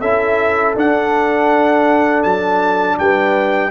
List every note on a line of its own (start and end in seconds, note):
0.00 0.75 C#4
0.00 0.75 E4
0.00 2.96 A4
0.00 0.75 E5
0.75 3.71 D4
0.75 2.24 D4
0.75 2.23 F#5
2.23 2.98 F#3
2.23 2.97 A5
2.98 3.71 G3
2.98 3.71 B4
2.98 3.71 G5